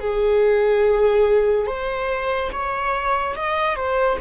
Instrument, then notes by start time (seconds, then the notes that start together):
viola
0.00 G#4
1.67 C5
2.52 C#5
3.36 D#5
3.75 C5